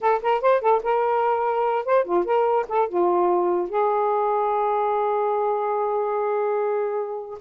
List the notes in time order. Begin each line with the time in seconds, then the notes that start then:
0.01 A4
0.22 A#4
0.41 C5
0.61 A4
0.83 A#4
1.85 C5
2.04 F4
2.24 A#4
2.68 A4
2.88 F4
3.69 G#4